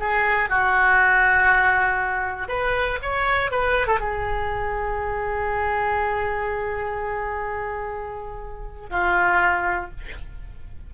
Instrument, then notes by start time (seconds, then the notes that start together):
oboe
0.00 G#4
0.49 F#4
2.48 B4
3.02 C#5
3.51 B4
3.87 A4
4.00 G#4
8.90 F4